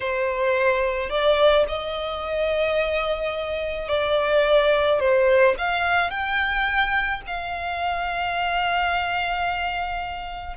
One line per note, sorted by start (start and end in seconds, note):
0.00 1.09 C5
1.09 1.65 D5
1.67 3.88 D#5
3.88 4.99 D5
4.99 5.55 C5
5.58 6.10 F5
6.10 7.21 G5
7.27 10.56 F5